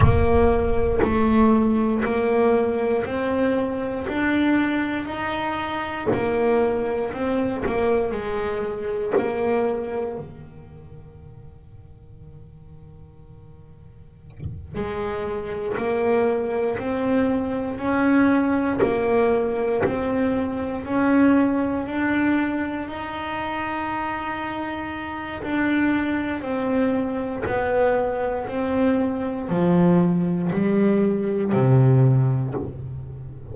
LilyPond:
\new Staff \with { instrumentName = "double bass" } { \time 4/4 \tempo 4 = 59 ais4 a4 ais4 c'4 | d'4 dis'4 ais4 c'8 ais8 | gis4 ais4 dis2~ | dis2~ dis8 gis4 ais8~ |
ais8 c'4 cis'4 ais4 c'8~ | c'8 cis'4 d'4 dis'4.~ | dis'4 d'4 c'4 b4 | c'4 f4 g4 c4 | }